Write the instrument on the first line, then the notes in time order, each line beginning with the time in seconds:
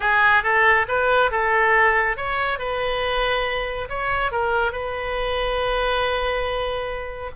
oboe
0.00 G#4
0.43 A4
0.88 B4
1.31 A4
2.16 C#5
2.58 B4
3.89 C#5
4.31 A#4
4.71 B4